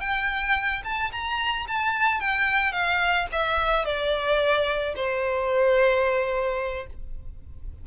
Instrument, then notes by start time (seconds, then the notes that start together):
violin
0.00 G5
0.84 A5
1.12 A#5
1.68 A5
2.20 G5
2.72 F5
3.32 E5
3.85 D5
4.95 C5